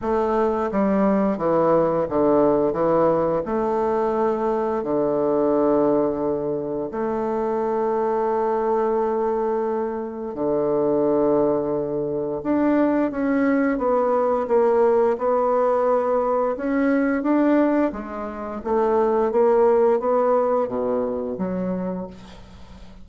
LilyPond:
\new Staff \with { instrumentName = "bassoon" } { \time 4/4 \tempo 4 = 87 a4 g4 e4 d4 | e4 a2 d4~ | d2 a2~ | a2. d4~ |
d2 d'4 cis'4 | b4 ais4 b2 | cis'4 d'4 gis4 a4 | ais4 b4 b,4 fis4 | }